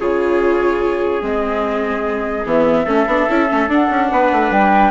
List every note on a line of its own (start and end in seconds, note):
0.00 1.22 C#3
0.00 1.21 F4
0.00 2.85 G#4
0.00 1.24 C#5
1.21 2.45 G#3
1.21 2.44 C4
1.21 2.47 D#5
2.46 2.86 E3
2.46 2.87 B3
2.46 3.71 E5
2.85 3.07 A3
2.85 3.08 C#4
2.85 4.08 A4
3.07 3.27 B3
3.07 3.29 D4
3.29 3.51 C#4
3.29 3.49 E4
3.49 3.68 A3
3.49 3.70 C#4
3.68 3.89 D4
3.68 4.91 D4
3.68 4.53 F#5
3.91 4.11 C#4
4.11 4.32 B3
4.11 4.91 B4
4.33 4.51 A3
4.51 4.91 G3
4.51 4.91 G5